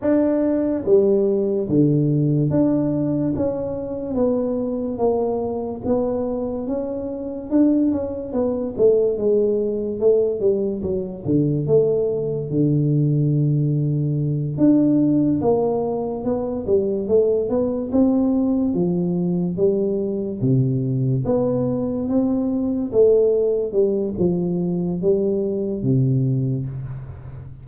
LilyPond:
\new Staff \with { instrumentName = "tuba" } { \time 4/4 \tempo 4 = 72 d'4 g4 d4 d'4 | cis'4 b4 ais4 b4 | cis'4 d'8 cis'8 b8 a8 gis4 | a8 g8 fis8 d8 a4 d4~ |
d4. d'4 ais4 b8 | g8 a8 b8 c'4 f4 g8~ | g8 c4 b4 c'4 a8~ | a8 g8 f4 g4 c4 | }